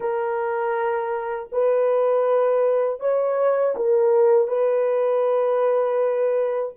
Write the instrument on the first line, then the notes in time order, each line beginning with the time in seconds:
horn
0.00 A#4
1.51 B4
3.00 C#5
3.76 A#4
4.47 B4